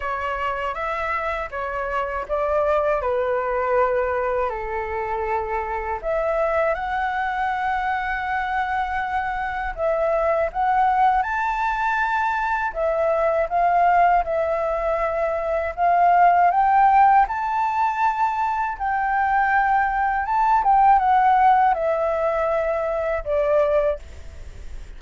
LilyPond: \new Staff \with { instrumentName = "flute" } { \time 4/4 \tempo 4 = 80 cis''4 e''4 cis''4 d''4 | b'2 a'2 | e''4 fis''2.~ | fis''4 e''4 fis''4 a''4~ |
a''4 e''4 f''4 e''4~ | e''4 f''4 g''4 a''4~ | a''4 g''2 a''8 g''8 | fis''4 e''2 d''4 | }